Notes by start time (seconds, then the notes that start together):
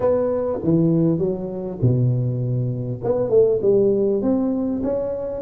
0.00 B3
0.63 E3
1.18 F#3
1.81 B2
3.03 B3
3.29 A3
3.62 G3
4.21 C4
4.83 C#4